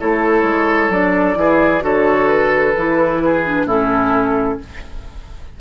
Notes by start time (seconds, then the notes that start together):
0.00 A3 E4 A4 C#5
0.43 G#3
0.89 F#3 D4 D5
1.35 E3 E4 G#4
1.80 D3 F#4 A4 C#5
2.28 B4
2.76 E3 E4
3.25 G#4
3.45 D4
3.65 A2 C#4 E4 A4